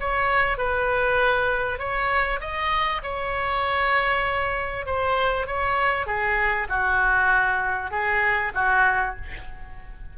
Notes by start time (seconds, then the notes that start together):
0.00 C#5
0.58 B4
1.79 C#5
2.40 D#5
3.03 C#5
4.86 C5
5.47 C#5
6.06 G#4
6.69 F#4
7.91 G#4
8.54 F#4